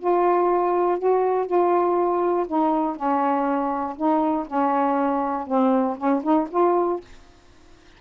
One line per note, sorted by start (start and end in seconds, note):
0.00 0.99 F4
0.99 1.47 F#4
1.47 2.47 F4
2.47 2.96 D#4
2.96 3.96 C#4
3.97 4.47 D#4
4.47 5.47 C#4
5.47 5.97 C4
5.98 6.23 C#4
6.23 6.48 D#4
6.50 7.00 F4